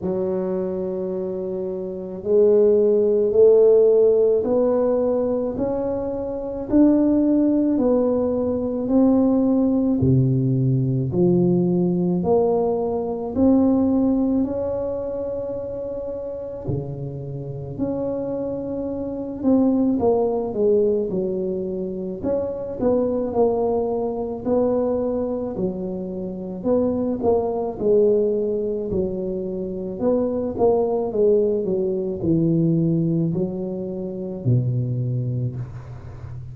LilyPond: \new Staff \with { instrumentName = "tuba" } { \time 4/4 \tempo 4 = 54 fis2 gis4 a4 | b4 cis'4 d'4 b4 | c'4 c4 f4 ais4 | c'4 cis'2 cis4 |
cis'4. c'8 ais8 gis8 fis4 | cis'8 b8 ais4 b4 fis4 | b8 ais8 gis4 fis4 b8 ais8 | gis8 fis8 e4 fis4 b,4 | }